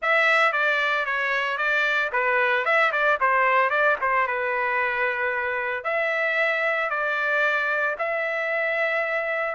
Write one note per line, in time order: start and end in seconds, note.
0.02 0.52 E5
0.52 1.05 D5
1.05 1.57 C#5
1.57 2.10 D5
2.12 2.65 B4
2.65 2.91 E5
2.92 3.18 D5
3.20 3.70 C5
3.70 3.96 D5
4.01 4.27 C5
4.27 5.83 B4
5.83 6.90 E5
6.90 7.96 D5
7.98 9.55 E5